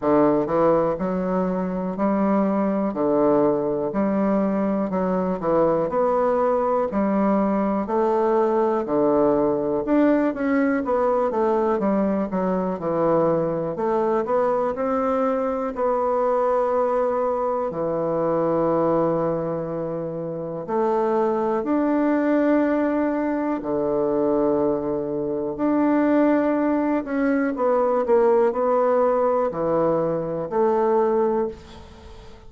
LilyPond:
\new Staff \with { instrumentName = "bassoon" } { \time 4/4 \tempo 4 = 61 d8 e8 fis4 g4 d4 | g4 fis8 e8 b4 g4 | a4 d4 d'8 cis'8 b8 a8 | g8 fis8 e4 a8 b8 c'4 |
b2 e2~ | e4 a4 d'2 | d2 d'4. cis'8 | b8 ais8 b4 e4 a4 | }